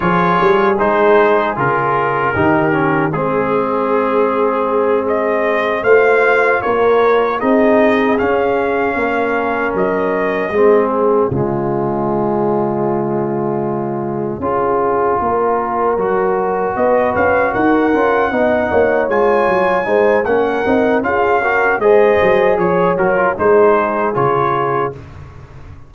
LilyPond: <<
  \new Staff \with { instrumentName = "trumpet" } { \time 4/4 \tempo 4 = 77 cis''4 c''4 ais'2 | gis'2~ gis'8 dis''4 f''8~ | f''8 cis''4 dis''4 f''4.~ | f''8 dis''4. cis''2~ |
cis''1~ | cis''4. dis''8 f''8 fis''4.~ | fis''8 gis''4. fis''4 f''4 | dis''4 cis''8 ais'8 c''4 cis''4 | }
  \new Staff \with { instrumentName = "horn" } { \time 4/4 gis'2. g'4 | gis'2.~ gis'8 c''8~ | c''8 ais'4 gis'2 ais'8~ | ais'4. gis'4 f'4.~ |
f'2~ f'8 gis'4 ais'8~ | ais'4. b'4 ais'4 dis''8 | cis''4. c''8 ais'4 gis'8 ais'8 | c''4 cis''4 gis'2 | }
  \new Staff \with { instrumentName = "trombone" } { \time 4/4 f'4 dis'4 f'4 dis'8 cis'8 | c'2.~ c'8 f'8~ | f'4. dis'4 cis'4.~ | cis'4. c'4 gis4.~ |
gis2~ gis8 f'4.~ | f'8 fis'2~ fis'8 f'8 dis'8~ | dis'8 f'4 dis'8 cis'8 dis'8 f'8 fis'8 | gis'4. fis'16 f'16 dis'4 f'4 | }
  \new Staff \with { instrumentName = "tuba" } { \time 4/4 f8 g8 gis4 cis4 dis4 | gis2.~ gis8 a8~ | a8 ais4 c'4 cis'4 ais8~ | ais8 fis4 gis4 cis4.~ |
cis2~ cis8 cis'4 ais8~ | ais8 fis4 b8 cis'8 dis'8 cis'8 b8 | ais8 gis8 fis8 gis8 ais8 c'8 cis'4 | gis8 fis8 f8 fis8 gis4 cis4 | }
>>